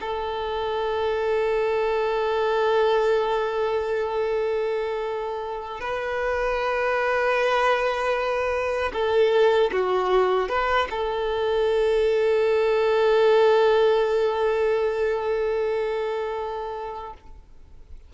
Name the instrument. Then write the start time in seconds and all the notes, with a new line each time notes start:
violin
0.00 A4
5.80 B4
8.93 A4
9.72 F#4
10.49 B4
10.90 A4